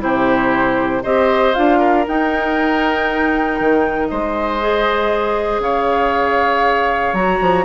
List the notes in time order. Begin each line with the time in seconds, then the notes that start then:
0.00 C3 E4 G4 C5
1.03 C4 G4 C5 D#5
1.54 D4 F4 F5
1.78 A#4
2.08 D#4 G5
3.60 D#3
4.08 G#3 C5 D#5
4.61 G#4
5.60 C#3 C#5 F5
7.13 F#3 F#4 A#5
7.41 F3